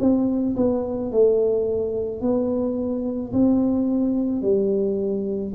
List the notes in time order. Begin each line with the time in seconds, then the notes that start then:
0.00 C4
0.57 B3
1.11 A3
2.21 B3
3.33 C4
4.42 G3